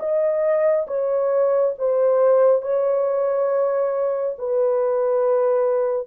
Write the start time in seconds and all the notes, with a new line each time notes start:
0.00 D#5
0.88 C#5
1.79 C5
2.62 C#5
4.39 B4